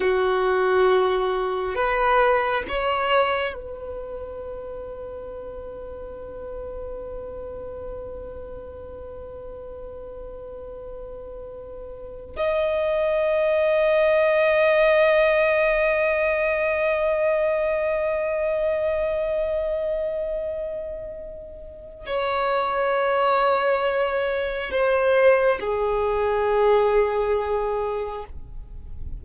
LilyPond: \new Staff \with { instrumentName = "violin" } { \time 4/4 \tempo 4 = 68 fis'2 b'4 cis''4 | b'1~ | b'1~ | b'2 dis''2~ |
dis''1~ | dis''1~ | dis''4 cis''2. | c''4 gis'2. | }